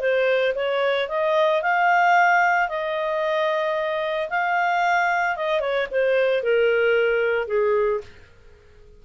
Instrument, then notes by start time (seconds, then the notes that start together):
clarinet
0.00 C5
0.55 C#5
1.09 D#5
1.62 F5
2.69 D#5
4.30 F5
5.36 D#5
5.61 C#5
5.91 C5
6.43 A#4
7.48 G#4